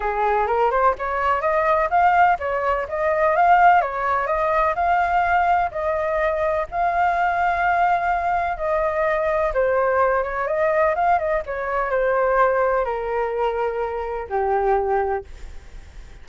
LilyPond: \new Staff \with { instrumentName = "flute" } { \time 4/4 \tempo 4 = 126 gis'4 ais'8 c''8 cis''4 dis''4 | f''4 cis''4 dis''4 f''4 | cis''4 dis''4 f''2 | dis''2 f''2~ |
f''2 dis''2 | c''4. cis''8 dis''4 f''8 dis''8 | cis''4 c''2 ais'4~ | ais'2 g'2 | }